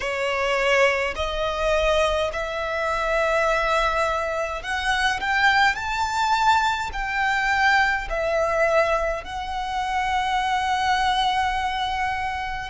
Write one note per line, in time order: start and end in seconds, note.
0.00 1.14 C#5
1.15 2.31 D#5
2.32 4.62 E5
4.62 5.20 F#5
5.20 5.75 G5
5.75 6.90 A5
6.92 8.08 G5
8.09 9.24 E5
9.24 12.69 F#5